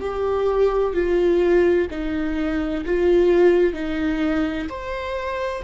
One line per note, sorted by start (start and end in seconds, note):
0.00 0.94 G4
0.94 1.87 F4
1.90 2.84 D#4
2.85 3.74 F4
3.74 4.67 D#4
4.70 5.63 C5